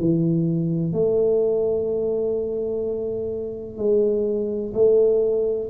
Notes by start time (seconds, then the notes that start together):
0.00 E3
0.93 A3
3.77 G#3
4.74 A3